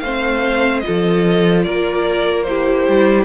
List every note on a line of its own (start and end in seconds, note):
0.00 0.83 A3
0.00 0.83 C4
0.00 0.84 C5
0.00 0.80 F5
0.80 2.45 F4
0.80 1.61 D#5
0.87 1.67 F3
0.87 1.66 A4
1.64 2.89 A#3
1.64 2.47 A#4
1.64 2.43 D5
2.43 3.26 E4
2.43 3.26 G4
2.43 3.24 C5
2.89 3.26 G3